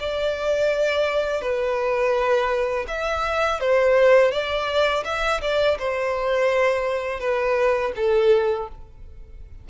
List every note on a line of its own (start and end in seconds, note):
0.00 1.42 D5
1.42 2.86 B4
2.88 3.60 E5
3.60 4.31 C5
4.31 5.04 D5
5.05 5.41 E5
5.42 5.78 D5
5.79 7.20 C5
7.20 7.92 B4
7.96 8.68 A4